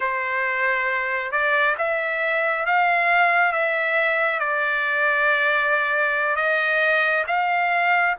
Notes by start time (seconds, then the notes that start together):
0.00 C5
1.31 D5
1.78 E5
2.66 F5
3.52 E5
4.39 D5
6.36 D#5
7.27 F5